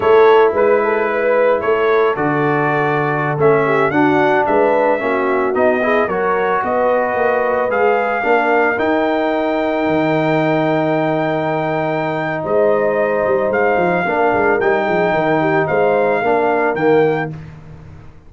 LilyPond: <<
  \new Staff \with { instrumentName = "trumpet" } { \time 4/4 \tempo 4 = 111 cis''4 b'2 cis''4 | d''2~ d''16 e''4 fis''8.~ | fis''16 e''2 dis''4 cis''8.~ | cis''16 dis''2 f''4.~ f''16~ |
f''16 g''2.~ g''8.~ | g''2. dis''4~ | dis''4 f''2 g''4~ | g''4 f''2 g''4 | }
  \new Staff \with { instrumentName = "horn" } { \time 4/4 a'4 b'8 a'8 b'4 a'4~ | a'2~ a'8. g'8 fis'8.~ | fis'16 b'4 fis'4. gis'8 ais'8.~ | ais'16 b'2. ais'8.~ |
ais'1~ | ais'2. c''4~ | c''2 ais'4. gis'8 | ais'8 g'8 c''4 ais'2 | }
  \new Staff \with { instrumentName = "trombone" } { \time 4/4 e'1 | fis'2~ fis'16 cis'4 d'8.~ | d'4~ d'16 cis'4 dis'8 e'8 fis'8.~ | fis'2~ fis'16 gis'4 d'8.~ |
d'16 dis'2.~ dis'8.~ | dis'1~ | dis'2 d'4 dis'4~ | dis'2 d'4 ais4 | }
  \new Staff \with { instrumentName = "tuba" } { \time 4/4 a4 gis2 a4 | d2~ d16 a4 d'8.~ | d'16 gis4 ais4 b4 fis8.~ | fis16 b4 ais4 gis4 ais8.~ |
ais16 dis'2 dis4.~ dis16~ | dis2. gis4~ | gis8 g8 gis8 f8 ais8 gis8 g8 f8 | dis4 gis4 ais4 dis4 | }
>>